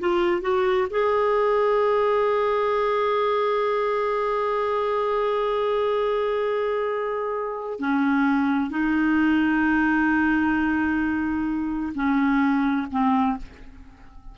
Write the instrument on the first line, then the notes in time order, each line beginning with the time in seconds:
clarinet
0.00 F4
0.42 F#4
0.91 G#4
7.80 C#4
8.70 D#4
11.95 C#4
12.92 C4